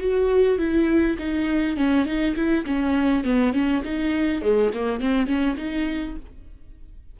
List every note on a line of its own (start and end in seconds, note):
0.00 0.58 F#4
0.58 1.17 E4
1.18 1.76 D#4
1.76 2.05 C#4
2.05 2.34 D#4
2.35 2.65 E4
2.66 3.24 C#4
3.24 3.53 B3
3.53 3.82 C#4
3.84 4.41 D#4
4.41 4.71 G#3
4.73 5.00 A#3
5.00 5.26 C4
5.26 5.56 C#4
5.56 6.15 D#4